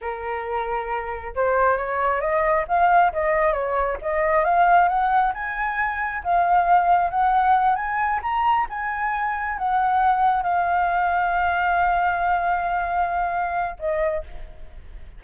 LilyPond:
\new Staff \with { instrumentName = "flute" } { \time 4/4 \tempo 4 = 135 ais'2. c''4 | cis''4 dis''4 f''4 dis''4 | cis''4 dis''4 f''4 fis''4 | gis''2 f''2 |
fis''4. gis''4 ais''4 gis''8~ | gis''4. fis''2 f''8~ | f''1~ | f''2. dis''4 | }